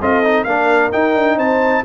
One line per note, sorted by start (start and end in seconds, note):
0.00 0.45 C4
0.00 0.24 F4
0.00 0.46 A4
0.00 0.44 D#5
0.24 0.47 D#4
0.44 0.91 A#3
0.44 0.92 D4
0.44 1.37 A#4
0.44 0.90 F5
0.92 1.85 D#4
0.92 1.15 D#4
0.92 1.38 G5
1.15 1.37 D4
1.37 1.83 C4
1.37 1.83 C5
1.37 1.85 A5